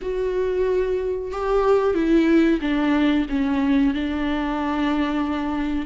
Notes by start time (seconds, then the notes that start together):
0.01 F#4
1.31 G4
1.94 E4
2.61 D4
3.29 C#4
3.93 D4